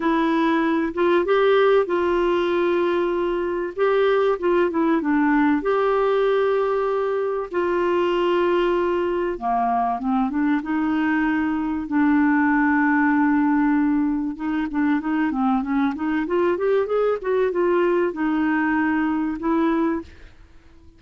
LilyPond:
\new Staff \with { instrumentName = "clarinet" } { \time 4/4 \tempo 4 = 96 e'4. f'8 g'4 f'4~ | f'2 g'4 f'8 e'8 | d'4 g'2. | f'2. ais4 |
c'8 d'8 dis'2 d'4~ | d'2. dis'8 d'8 | dis'8 c'8 cis'8 dis'8 f'8 g'8 gis'8 fis'8 | f'4 dis'2 e'4 | }